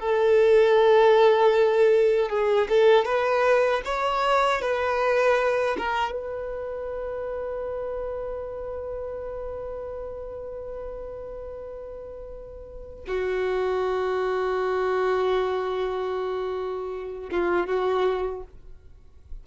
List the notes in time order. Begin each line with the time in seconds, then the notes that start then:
0.00 A4
2.30 G#4
2.69 A4
3.05 B4
3.85 C#5
4.62 B4
5.78 A#4
6.12 B4
13.07 F#4
17.31 F4
17.67 F#4